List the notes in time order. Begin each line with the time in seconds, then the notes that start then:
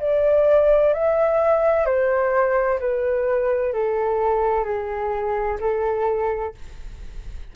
0.00 D5
0.94 E5
1.86 C5
2.80 B4
3.73 A4
4.64 G#4
5.61 A4